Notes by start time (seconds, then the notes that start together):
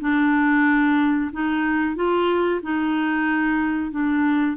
0.00 D4
1.32 D#4
1.95 F4
2.62 D#4
3.91 D4